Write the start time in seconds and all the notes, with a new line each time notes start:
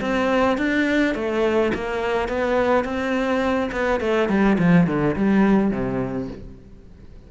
0.00 C4
0.57 D4
1.14 A3
1.74 A#3
2.28 B3
2.84 C4
3.71 B3
4.00 A3
4.28 G3
4.58 F3
4.86 D3
5.16 G3
5.71 C3